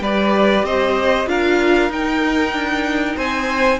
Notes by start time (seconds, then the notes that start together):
0.00 G3 G4 B4 D5
0.63 C4 C5 D#5
1.27 D4 F4 A#4 F5
1.90 D#4 G5
2.52 D4
3.16 C4 C5 G#5